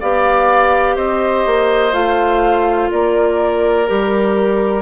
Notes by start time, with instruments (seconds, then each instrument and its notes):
0.00 bassoon B3, clarinet G4, oboe D5, flute F5
0.96 bassoon C4, oboe C5, flute D#5
1.46 bassoon A#3
1.92 bassoon A3, clarinet F4, flute F5
2.91 bassoon A#3, oboe A#4, flute D5
3.87 bassoon G3, clarinet G4, flute A#4